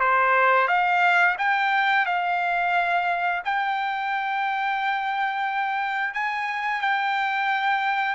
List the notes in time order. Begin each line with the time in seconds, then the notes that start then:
0.00 C5
0.68 F5
1.38 G5
2.06 F5
3.45 G5
6.14 G#5
6.82 G5